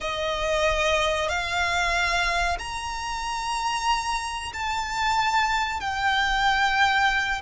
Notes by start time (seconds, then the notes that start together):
0.00 D#5
1.28 F5
2.58 A#5
4.53 A5
5.80 G5